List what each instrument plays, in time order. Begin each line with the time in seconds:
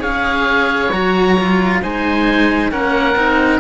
0.00 cello C#4 G#4, oboe C#5 F5
0.92 cello F#3 F#4, oboe A#5
1.39 cello F4
1.82 cello G#3 D#4, oboe C5 G#5
2.72 cello A#3 C#4, oboe A#4 F#5
3.15 cello C4 D#4